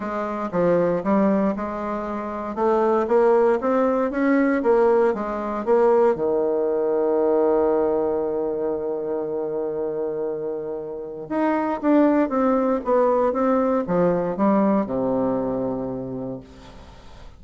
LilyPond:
\new Staff \with { instrumentName = "bassoon" } { \time 4/4 \tempo 4 = 117 gis4 f4 g4 gis4~ | gis4 a4 ais4 c'4 | cis'4 ais4 gis4 ais4 | dis1~ |
dis1~ | dis2 dis'4 d'4 | c'4 b4 c'4 f4 | g4 c2. | }